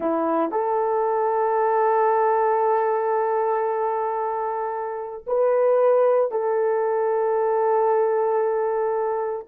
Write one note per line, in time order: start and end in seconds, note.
0.00 0.51 E4
0.51 5.25 A4
5.26 6.31 B4
6.31 9.46 A4